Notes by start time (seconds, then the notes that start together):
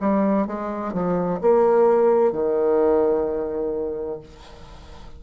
0.00 G3
0.46 G#3
0.92 F3
1.41 A#3
2.32 D#3